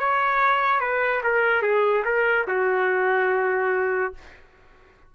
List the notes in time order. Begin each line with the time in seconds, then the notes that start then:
0.00 C#5
0.81 B4
1.24 A#4
1.62 G#4
2.05 A#4
2.48 F#4